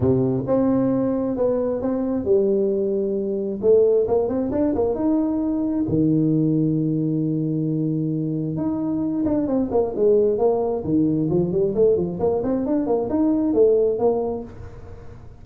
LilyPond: \new Staff \with { instrumentName = "tuba" } { \time 4/4 \tempo 4 = 133 c4 c'2 b4 | c'4 g2. | a4 ais8 c'8 d'8 ais8 dis'4~ | dis'4 dis2.~ |
dis2. dis'4~ | dis'8 d'8 c'8 ais8 gis4 ais4 | dis4 f8 g8 a8 f8 ais8 c'8 | d'8 ais8 dis'4 a4 ais4 | }